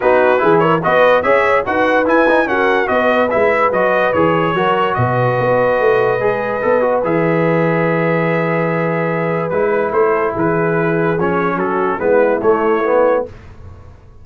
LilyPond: <<
  \new Staff \with { instrumentName = "trumpet" } { \time 4/4 \tempo 4 = 145 b'4. cis''8 dis''4 e''4 | fis''4 gis''4 fis''4 dis''4 | e''4 dis''4 cis''2 | dis''1~ |
dis''4 e''2.~ | e''2. b'4 | c''4 b'2 cis''4 | a'4 b'4 cis''2 | }
  \new Staff \with { instrumentName = "horn" } { \time 4/4 fis'4 gis'8 ais'8 b'4 cis''4 | b'2 ais'4 b'4~ | b'2. ais'4 | b'1~ |
b'1~ | b'1~ | b'8 a'8 gis'2. | fis'4 e'2. | }
  \new Staff \with { instrumentName = "trombone" } { \time 4/4 dis'4 e'4 fis'4 gis'4 | fis'4 e'8 dis'8 cis'4 fis'4 | e'4 fis'4 gis'4 fis'4~ | fis'2. gis'4 |
a'8 fis'8 gis'2.~ | gis'2. e'4~ | e'2. cis'4~ | cis'4 b4 a4 b4 | }
  \new Staff \with { instrumentName = "tuba" } { \time 4/4 b4 e4 b4 cis'4 | dis'4 e'4 fis'4 b4 | gis4 fis4 e4 fis4 | b,4 b4 a4 gis4 |
b4 e2.~ | e2. gis4 | a4 e2 f4 | fis4 gis4 a2 | }
>>